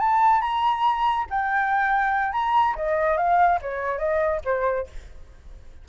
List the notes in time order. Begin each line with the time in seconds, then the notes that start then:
0.00 A5
0.42 A#5
1.30 G5
2.33 A#5
2.76 D#5
3.17 F5
3.62 C#5
3.99 D#5
4.45 C5